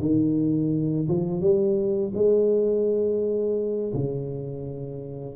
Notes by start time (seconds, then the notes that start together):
0.00 D#3
1.08 F3
1.41 G3
2.14 G#3
3.93 C#3